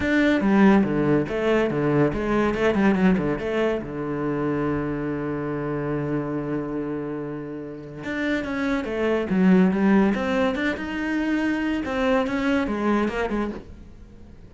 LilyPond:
\new Staff \with { instrumentName = "cello" } { \time 4/4 \tempo 4 = 142 d'4 g4 d4 a4 | d4 gis4 a8 g8 fis8 d8 | a4 d2.~ | d1~ |
d2. d'4 | cis'4 a4 fis4 g4 | c'4 d'8 dis'2~ dis'8 | c'4 cis'4 gis4 ais8 gis8 | }